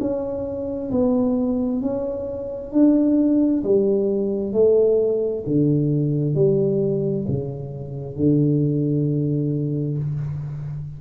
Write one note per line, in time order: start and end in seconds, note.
0.00 0.91 C#4
0.91 1.82 B3
1.82 2.72 C#4
2.72 3.63 D4
3.64 4.53 G3
4.53 5.44 A3
5.47 6.35 D3
6.35 7.26 G3
7.28 8.16 C#3
8.16 9.98 D3